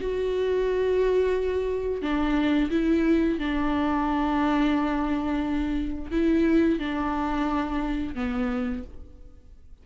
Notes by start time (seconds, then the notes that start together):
0.00 F#4
2.02 D4
2.70 E4
3.38 D4
6.11 E4
6.79 D4
8.14 B3